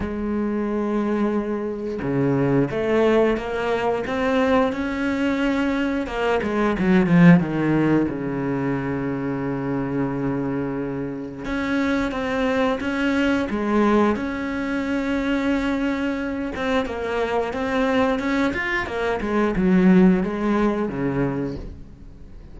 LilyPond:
\new Staff \with { instrumentName = "cello" } { \time 4/4 \tempo 4 = 89 gis2. cis4 | a4 ais4 c'4 cis'4~ | cis'4 ais8 gis8 fis8 f8 dis4 | cis1~ |
cis4 cis'4 c'4 cis'4 | gis4 cis'2.~ | cis'8 c'8 ais4 c'4 cis'8 f'8 | ais8 gis8 fis4 gis4 cis4 | }